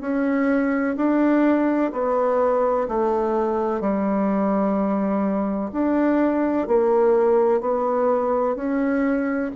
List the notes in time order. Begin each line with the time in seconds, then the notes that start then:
0.00 C#4
0.96 D4
1.92 B3
2.88 A3
3.80 G3
5.71 D4
6.67 A#3
7.60 B3
8.55 C#4